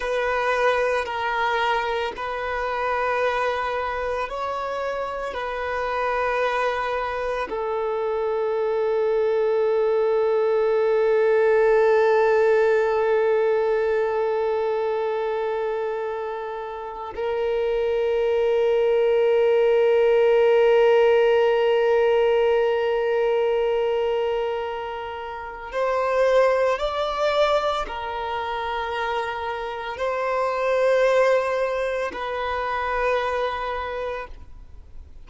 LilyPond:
\new Staff \with { instrumentName = "violin" } { \time 4/4 \tempo 4 = 56 b'4 ais'4 b'2 | cis''4 b'2 a'4~ | a'1~ | a'1 |
ais'1~ | ais'1 | c''4 d''4 ais'2 | c''2 b'2 | }